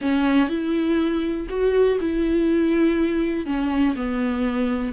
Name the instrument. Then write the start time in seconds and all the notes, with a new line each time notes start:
viola
0.01 C#4
0.49 E4
1.49 F#4
2.00 E4
3.46 C#4
3.95 B3